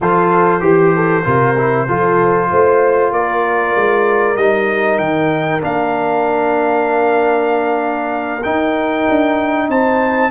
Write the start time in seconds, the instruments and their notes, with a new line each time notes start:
0.00 tuba F3, trombone F4, horn A4, trumpet C5
0.60 tuba E3, trombone G4, horn G4
0.94 horn A4
1.24 tuba C3, trombone F4, horn A#4
1.58 trombone E4
1.87 tuba F3, trombone F4, horn A4
2.49 tuba A3, horn C5
3.11 tuba A#3, horn A#4, trumpet D5
3.75 tuba G#3
4.36 tuba G3, trombone D#4, trumpet D#5
4.98 tuba D#3, trumpet G5
5.60 tuba A#3, trombone D4, trumpet F5
8.43 trombone D#4, tuba D#4, trumpet G5
9.09 tuba D4
9.68 tuba C4, horn C5, trumpet A5